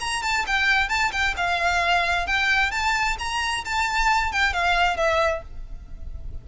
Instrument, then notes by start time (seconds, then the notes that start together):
violin
0.00 A#5
0.22 A5
0.47 G5
0.89 A5
1.12 G5
1.37 F5
2.27 G5
2.71 A5
3.19 A#5
3.65 A5
4.32 G5
4.53 F5
4.96 E5